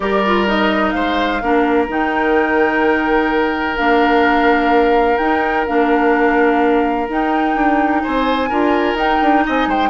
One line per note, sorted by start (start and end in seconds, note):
0.00 0.94 G3
0.00 0.23 G4
0.00 0.94 A#4
0.00 0.46 D5
0.26 0.47 F4
0.47 1.41 D#4
0.47 0.91 D#5
0.91 1.41 G#3
0.91 1.42 C5
0.91 1.85 F5
1.41 1.88 A#3
1.41 1.87 D4
1.41 8.03 A#4
1.87 3.78 D#3
1.87 3.76 D#4
1.87 3.76 G5
3.76 5.18 A#3
3.76 5.18 D4
3.76 5.17 F5
5.17 5.65 D#4
5.17 5.66 D#4
5.17 5.64 G5
5.66 7.09 A#3
5.66 7.08 D4
5.66 7.08 F5
7.08 8.50 D#4
7.08 7.55 D#4
7.08 8.02 G5
7.55 8.02 D4
8.02 8.50 C4
8.02 8.49 C5
8.02 8.96 G#5
8.49 8.94 D4
8.49 8.97 F4
8.49 9.43 A#4
8.94 9.17 D#4
8.94 9.89 D#4
8.94 9.45 G5
9.21 9.45 D4
9.46 9.67 C4
9.46 9.68 D#5
9.46 9.71 G#5
9.67 9.89 G#3
9.67 9.89 C5
9.67 9.89 G5